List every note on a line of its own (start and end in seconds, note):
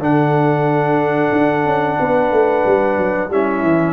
0.00 1.32 D3
0.00 3.30 D4
0.00 2.00 A4
0.00 3.32 F#5
1.33 1.66 D4
1.66 1.98 C#4
2.00 2.32 B3
2.00 3.31 B4
2.32 2.65 A3
2.66 2.98 G3
2.98 3.30 F#3
3.30 3.63 G3
3.30 3.94 C#4
3.30 3.94 E4
3.30 3.94 E5
3.63 3.94 E3